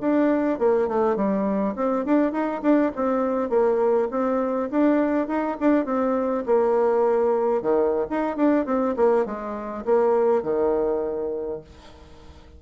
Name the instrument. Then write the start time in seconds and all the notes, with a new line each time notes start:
bassoon
0.00 D4
0.59 A#3
0.88 A3
1.16 G3
1.75 C4
2.05 D4
2.32 D#4
2.61 D4
2.95 C4
3.49 A#3
4.10 C4
4.71 D4
5.27 D#4
5.60 D4
5.85 C4
6.45 A#3
7.61 D#3
8.10 D#4
8.36 D4
8.66 C4
8.96 A#3
9.25 G#3
9.85 A#3
10.43 D#3